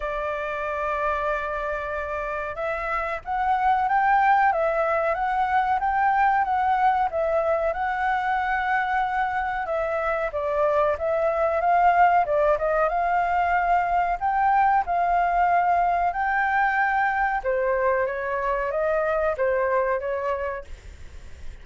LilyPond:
\new Staff \with { instrumentName = "flute" } { \time 4/4 \tempo 4 = 93 d''1 | e''4 fis''4 g''4 e''4 | fis''4 g''4 fis''4 e''4 | fis''2. e''4 |
d''4 e''4 f''4 d''8 dis''8 | f''2 g''4 f''4~ | f''4 g''2 c''4 | cis''4 dis''4 c''4 cis''4 | }